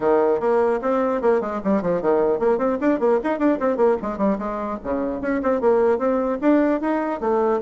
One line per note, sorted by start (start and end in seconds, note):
0.00 0.40 D#3
0.40 0.80 A#3
0.81 1.21 C4
1.21 1.41 A#3
1.41 1.61 G#3
1.63 1.81 G3
1.81 2.01 F3
2.01 2.39 D#3
2.39 2.58 A#3
2.58 2.78 C4
2.80 2.99 D4
2.99 3.19 A#3
3.23 3.39 D#4
3.39 3.59 D4
3.59 3.76 C4
3.76 3.96 A#3
4.02 4.17 G#3
4.17 4.37 G3
4.38 4.78 G#3
4.83 5.21 C#3
5.21 5.41 C#4
5.42 5.61 C4
5.61 5.98 A#3
5.98 6.38 C4
6.41 6.81 D4
6.81 7.20 D#4
7.20 7.60 A3